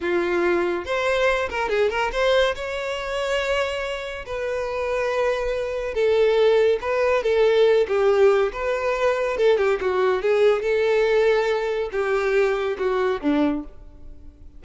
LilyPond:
\new Staff \with { instrumentName = "violin" } { \time 4/4 \tempo 4 = 141 f'2 c''4. ais'8 | gis'8 ais'8 c''4 cis''2~ | cis''2 b'2~ | b'2 a'2 |
b'4 a'4. g'4. | b'2 a'8 g'8 fis'4 | gis'4 a'2. | g'2 fis'4 d'4 | }